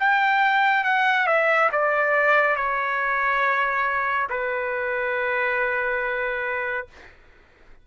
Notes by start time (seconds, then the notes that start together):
0.00 G5
0.85 F#5
1.27 E5
1.72 D5
2.57 C#5
4.30 B4